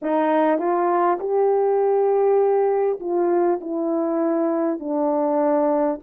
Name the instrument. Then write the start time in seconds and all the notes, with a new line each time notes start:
horn
0.02 D#4
0.58 F4
1.19 G4
2.99 F4
3.60 E4
4.79 D4